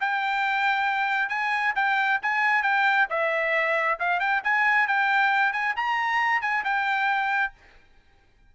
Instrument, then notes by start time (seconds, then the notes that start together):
trumpet
0.00 G5
1.29 G#5
1.76 G5
2.22 G#5
2.63 G5
3.10 E5
3.99 F5
4.20 G5
4.44 G#5
4.87 G5
5.52 G#5
5.76 A#5
6.41 G#5
6.64 G5